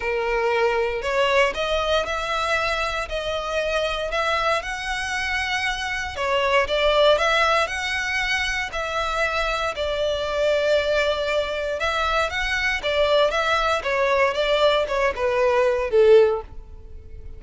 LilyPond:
\new Staff \with { instrumentName = "violin" } { \time 4/4 \tempo 4 = 117 ais'2 cis''4 dis''4 | e''2 dis''2 | e''4 fis''2. | cis''4 d''4 e''4 fis''4~ |
fis''4 e''2 d''4~ | d''2. e''4 | fis''4 d''4 e''4 cis''4 | d''4 cis''8 b'4. a'4 | }